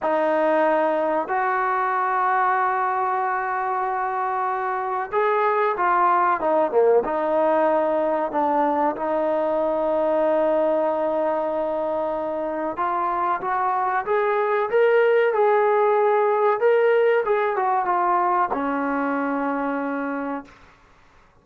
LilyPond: \new Staff \with { instrumentName = "trombone" } { \time 4/4 \tempo 4 = 94 dis'2 fis'2~ | fis'1 | gis'4 f'4 dis'8 ais8 dis'4~ | dis'4 d'4 dis'2~ |
dis'1 | f'4 fis'4 gis'4 ais'4 | gis'2 ais'4 gis'8 fis'8 | f'4 cis'2. | }